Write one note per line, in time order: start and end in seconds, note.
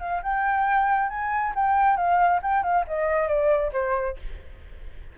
0.00 0.22 F5
0.23 1.10 G5
1.10 1.53 G#5
1.55 1.97 G5
1.97 2.40 F5
2.42 2.63 G5
2.63 2.85 F5
2.88 3.28 D#5
3.28 3.72 D5
3.73 4.17 C5